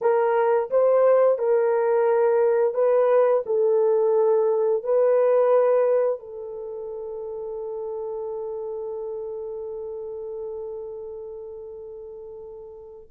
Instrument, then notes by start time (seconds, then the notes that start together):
horn
0.01 A#4
0.70 C5
1.38 A#4
2.74 B4
3.46 A4
4.83 B4
6.19 A4